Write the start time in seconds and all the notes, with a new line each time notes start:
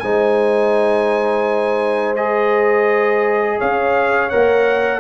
0.00 G#3 D#4 C5 G#5
2.16 G#4 D#5
3.58 C#4 C#5 F5
4.30 A#3 A#4 F#5